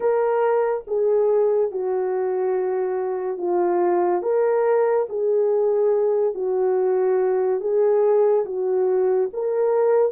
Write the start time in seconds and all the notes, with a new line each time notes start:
0.00 A#4
0.87 G#4
1.71 F#4
3.37 F4
4.22 A#4
5.09 G#4
6.34 F#4
7.60 G#4
8.45 F#4
9.33 A#4